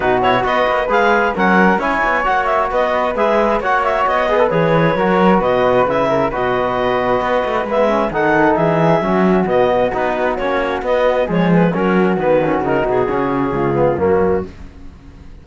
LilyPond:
<<
  \new Staff \with { instrumentName = "clarinet" } { \time 4/4 \tempo 4 = 133 b'8 cis''8 dis''4 f''4 fis''4 | gis''4 fis''8 e''8 dis''4 e''4 | fis''8 e''8 dis''4 cis''2 | dis''4 e''4 dis''2~ |
dis''4 e''4 fis''4 e''4~ | e''4 dis''4 b'4 cis''4 | dis''4 cis''8 b'8 ais'4 b'4 | ais'8 gis'2~ gis'8 fis'4 | }
  \new Staff \with { instrumentName = "flute" } { \time 4/4 fis'4 b'2 ais'4 | cis''2 b'2 | cis''4. b'4. ais'4 | b'4. ais'8 b'2~ |
b'2 a'4 gis'4 | fis'1~ | fis'4 gis'4 fis'2~ | fis'2 f'4 cis'4 | }
  \new Staff \with { instrumentName = "trombone" } { \time 4/4 dis'8 e'8 fis'4 gis'4 cis'4 | e'4 fis'2 gis'4 | fis'4. gis'16 a'16 gis'4 fis'4~ | fis'4 e'4 fis'2~ |
fis'4 b8 cis'8 dis'2 | cis'4 b4 dis'4 cis'4 | b4 gis4 cis'4 b8 cis'8 | dis'4 cis'4. b8 ais4 | }
  \new Staff \with { instrumentName = "cello" } { \time 4/4 b,4 b8 ais8 gis4 fis4 | cis'8 b8 ais4 b4 gis4 | ais4 b4 e4 fis4 | b,4 cis4 b,2 |
b8 a8 gis4 dis4 e4 | fis4 b,4 b4 ais4 | b4 f4 fis4 dis4 | cis8 b,8 cis4 cis,4 fis,4 | }
>>